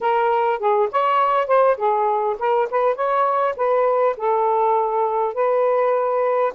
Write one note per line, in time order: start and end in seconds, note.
0.01 0.59 A#4
0.59 0.89 G#4
0.91 1.47 C#5
1.47 1.76 C5
1.77 2.36 G#4
2.38 2.68 A#4
2.70 2.95 B4
2.95 3.54 C#5
3.56 4.16 B4
4.17 5.34 A4
5.34 6.52 B4